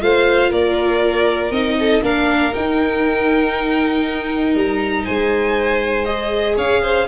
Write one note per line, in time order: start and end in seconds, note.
0.00 0.51 A3
0.00 1.51 F4
0.00 0.50 C5
0.00 0.52 F5
0.50 1.51 A#3
0.50 1.76 A#4
0.50 1.51 D5
1.51 2.01 C4
1.51 2.02 D#4
1.51 2.02 D#5
1.79 2.04 A4
2.01 2.52 A#3
2.01 2.52 D4
2.01 5.03 A#4
2.01 2.54 F5
2.52 6.05 D#4
2.52 4.55 D#4
2.52 4.55 G5
4.55 5.05 G3
4.55 5.05 A#5
5.03 6.57 G#3
5.03 6.55 C5
5.03 6.05 G#5
6.05 7.07 G#4
6.05 6.55 D#5
6.56 7.07 C#4
6.56 6.81 C#5
6.56 7.08 F5
6.82 7.07 C5